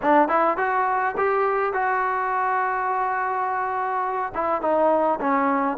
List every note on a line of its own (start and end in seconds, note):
0.02 0.28 D4
0.28 0.57 E4
0.57 1.15 F#4
1.17 1.73 G4
1.73 4.32 F#4
4.34 4.61 E4
4.61 5.19 D#4
5.20 5.77 C#4